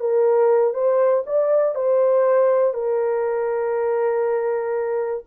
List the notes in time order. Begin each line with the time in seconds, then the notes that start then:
0.00 A#4
0.74 C5
1.26 D5
1.75 C5
2.74 A#4